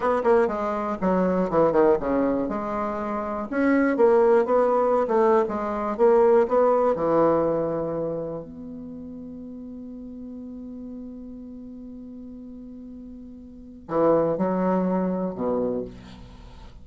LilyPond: \new Staff \with { instrumentName = "bassoon" } { \time 4/4 \tempo 4 = 121 b8 ais8 gis4 fis4 e8 dis8 | cis4 gis2 cis'4 | ais4 b4~ b16 a8. gis4 | ais4 b4 e2~ |
e4 b2.~ | b1~ | b1 | e4 fis2 b,4 | }